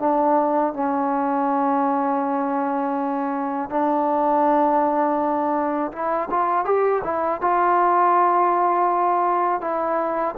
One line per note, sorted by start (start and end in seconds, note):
0.00 0.74 D4
0.74 3.70 C#4
3.70 5.92 D4
5.93 6.30 E4
6.31 6.65 F4
6.65 7.02 G4
7.04 7.41 E4
7.41 9.61 F4
9.61 10.35 E4